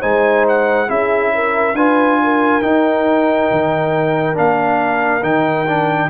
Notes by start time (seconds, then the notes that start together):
0.00 G#3 D#4 C5 G#5
0.48 F#5
0.87 C#4 E4 G#4 E5
1.34 A#4
1.74 D4 F4 B4 G#5
2.23 A#4
2.62 D#4 G5
3.51 D#3
4.34 A#3 D4 F5
5.22 D#3 D#4 G5
5.66 D4